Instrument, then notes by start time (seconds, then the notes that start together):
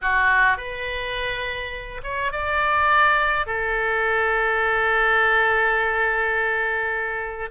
oboe
0.01 F#4
0.57 B4
2.03 C#5
2.32 D5
3.46 A4